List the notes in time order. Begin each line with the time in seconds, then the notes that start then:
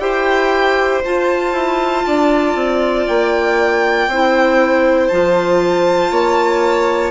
0.00 E4 G4 C5 G5
1.05 F4 A5
1.53 E4
2.07 D4 D5
2.55 C4
3.07 A#3 G5
4.08 C4 E4 C5
5.08 F3 F4 A5
6.11 A#3 C#5